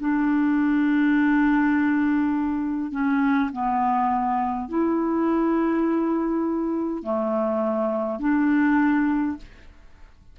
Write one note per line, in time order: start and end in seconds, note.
0.00 2.91 D4
2.91 3.50 C#4
3.52 4.68 B3
4.68 7.03 E4
7.03 8.19 A3
8.19 9.37 D4